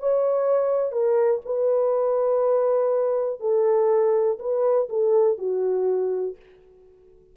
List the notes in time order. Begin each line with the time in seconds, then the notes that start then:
0.00 C#5
0.92 A#4
1.46 B4
3.41 A4
4.40 B4
4.90 A4
5.38 F#4